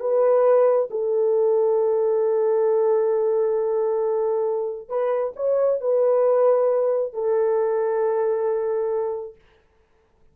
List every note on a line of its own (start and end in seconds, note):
0.00 0.89 B4
0.91 4.89 A4
4.89 5.33 B4
5.36 5.81 C#5
5.81 7.13 B4
7.13 9.36 A4